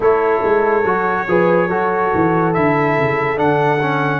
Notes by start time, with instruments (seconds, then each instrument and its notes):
0.00 tuba A3, trombone E4, horn A4, trumpet C#5
0.44 tuba G#3
0.84 tuba F#3, trombone F#4
1.27 tuba F3, trombone G#4, horn B4
1.68 tuba F#3, trombone F#4, horn A4
2.14 tuba E3
2.53 tuba D3, trombone E4, trumpet E5
2.98 tuba C#3
3.36 tuba D3, trombone D4, trumpet F#5
3.81 trombone C#4